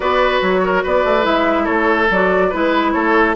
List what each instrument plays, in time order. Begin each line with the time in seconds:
0.00 bassoon B3, clarinet F#4, oboe B4, flute D5
0.41 bassoon F#3, flute C#5
0.63 oboe A#4
0.83 bassoon B3, oboe B4, flute D5
1.05 bassoon A3
1.22 bassoon G#3, clarinet E4, flute E5
1.64 bassoon A3, oboe A4, flute C#5
2.10 bassoon F#3, clarinet F#4, flute D5
2.49 bassoon G#3, clarinet E4, oboe B4, flute B4
2.92 bassoon A3, oboe A4, flute C#5